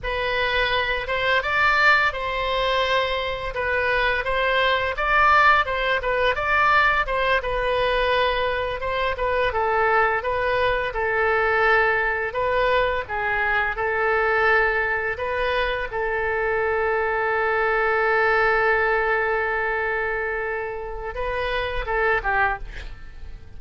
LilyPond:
\new Staff \with { instrumentName = "oboe" } { \time 4/4 \tempo 4 = 85 b'4. c''8 d''4 c''4~ | c''4 b'4 c''4 d''4 | c''8 b'8 d''4 c''8 b'4.~ | b'8 c''8 b'8 a'4 b'4 a'8~ |
a'4. b'4 gis'4 a'8~ | a'4. b'4 a'4.~ | a'1~ | a'2 b'4 a'8 g'8 | }